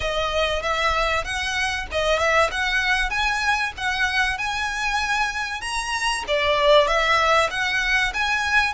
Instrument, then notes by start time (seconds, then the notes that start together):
violin
0.00 D#5
0.62 E5
1.24 F#5
1.91 D#5
2.18 E5
2.51 F#5
3.09 G#5
3.77 F#5
4.38 G#5
5.61 A#5
6.27 D5
6.87 E5
7.50 F#5
8.13 G#5